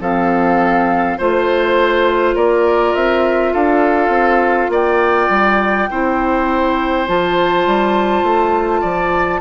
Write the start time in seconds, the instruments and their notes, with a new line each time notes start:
0.00 bassoon F3, clarinet C4, oboe A4, flute F5
1.17 bassoon A3, clarinet F4, oboe C5, flute C5
2.35 bassoon A#3, oboe A#4, flute D5
2.94 bassoon C4, flute E5
3.53 bassoon D4, oboe A4, flute F5
4.08 bassoon C4
4.69 bassoon A#3, oboe D5, flute G5
5.29 bassoon G3
5.90 bassoon C4, clarinet E4, oboe C5
7.06 bassoon F3, clarinet F4, flute A5
7.66 bassoon G3
8.23 bassoon A3
8.81 bassoon F3, oboe D5